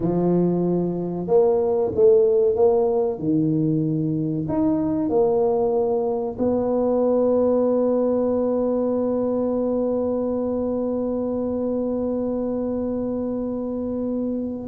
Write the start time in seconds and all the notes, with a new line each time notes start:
0.00 F3
1.27 A#3
1.94 A3
2.55 A#3
3.18 D#3
4.48 D#4
5.09 A#3
6.38 B3